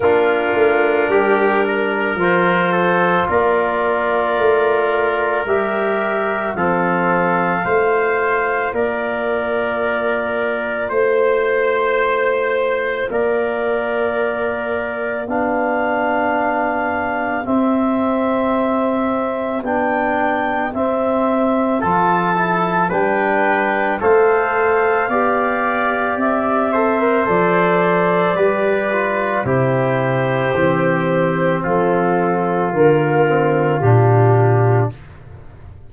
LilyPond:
<<
  \new Staff \with { instrumentName = "clarinet" } { \time 4/4 \tempo 4 = 55 ais'2 c''4 d''4~ | d''4 e''4 f''2 | d''2 c''2 | d''2 f''2 |
e''2 g''4 e''4 | a''4 g''4 f''2 | e''4 d''2 c''4~ | c''4 a'4 ais'4 g'4 | }
  \new Staff \with { instrumentName = "trumpet" } { \time 4/4 f'4 g'8 ais'4 a'8 ais'4~ | ais'2 a'4 c''4 | ais'2 c''2 | ais'2 g'2~ |
g'1 | a'4 b'4 c''4 d''4~ | d''8 c''4. b'4 g'4~ | g'4 f'2. | }
  \new Staff \with { instrumentName = "trombone" } { \time 4/4 d'2 f'2~ | f'4 g'4 c'4 f'4~ | f'1~ | f'2 d'2 |
c'2 d'4 c'4 | f'8 e'8 d'4 a'4 g'4~ | g'8 a'16 ais'16 a'4 g'8 f'8 e'4 | c'2 ais8 c'8 d'4 | }
  \new Staff \with { instrumentName = "tuba" } { \time 4/4 ais8 a8 g4 f4 ais4 | a4 g4 f4 a4 | ais2 a2 | ais2 b2 |
c'2 b4 c'4 | f4 g4 a4 b4 | c'4 f4 g4 c4 | e4 f4 d4 ais,4 | }
>>